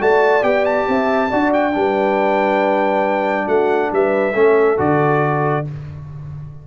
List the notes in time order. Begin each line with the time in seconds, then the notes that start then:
0.00 A3 F#4 D5 A5
0.42 B3 G4 G5
0.65 A5
0.88 C4 E5
1.30 D4 F#4 D5
1.53 G5
1.72 G3 D4 B4
3.45 A3 F#4 F#5
3.92 G3 B4 E5
4.34 A3 C#4 A4
4.77 D3 F#4 D5